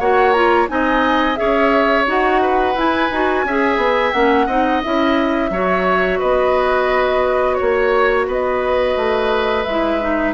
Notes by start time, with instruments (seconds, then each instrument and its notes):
0.00 bassoon A#3, clarinet F#4, oboe C#5, flute F#5
0.33 clarinet F4, flute A#5
0.69 bassoon C4, clarinet D#4, oboe D#5, flute G#5
1.36 bassoon C#4, clarinet G#4, oboe C#5, flute E5
2.07 bassoon D#4, clarinet F#4, flute F#5
2.42 oboe B4
2.76 bassoon E4, clarinet E4, flute G#5
3.11 bassoon D#4, clarinet F#4
3.45 bassoon C#4, clarinet G#4, oboe E5
3.77 bassoon B3
4.13 bassoon A#3, clarinet C#4, flute F#5
4.47 bassoon C4, clarinet D#4, oboe D#5
4.83 bassoon C#4, clarinet E4, flute E5
5.51 bassoon F#3, clarinet F#4, oboe C#5
6.19 bassoon B3, oboe B4, flute D#5
7.55 flute C#5, oboe C#5
7.61 bassoon A#3
8.28 bassoon B3, oboe B4, flute D#5
8.97 bassoon A3
9.65 bassoon G#3, clarinet E4, flute E5
10.01 clarinet D#4